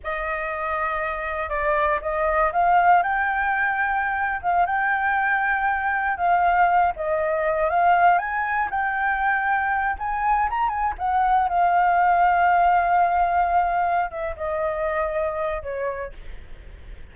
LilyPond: \new Staff \with { instrumentName = "flute" } { \time 4/4 \tempo 4 = 119 dis''2. d''4 | dis''4 f''4 g''2~ | g''8. f''8 g''2~ g''8.~ | g''16 f''4. dis''4. f''8.~ |
f''16 gis''4 g''2~ g''8 gis''16~ | gis''8. ais''8 gis''8 fis''4 f''4~ f''16~ | f''1 | e''8 dis''2~ dis''8 cis''4 | }